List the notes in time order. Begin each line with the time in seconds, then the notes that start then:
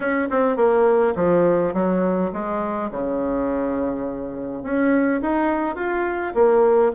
0.00 C#4
0.30 C4
0.56 A#3
1.15 F3
1.73 F#3
2.32 G#3
2.90 C#3
4.63 C#4
5.21 D#4
5.75 F4
6.34 A#3